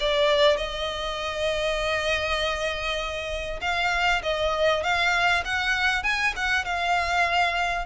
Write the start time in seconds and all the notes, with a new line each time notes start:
0.00 D5
0.57 D#5
3.61 F5
4.23 D#5
4.83 F5
5.45 F#5
6.03 G#5
6.36 F#5
6.64 F5